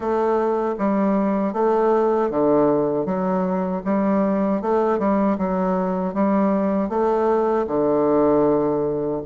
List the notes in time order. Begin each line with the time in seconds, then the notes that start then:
0.00 A3
0.78 G3
1.53 A3
2.30 D3
3.05 F#3
3.84 G3
4.62 A3
4.98 G3
5.37 F#3
6.14 G3
6.88 A3
7.67 D3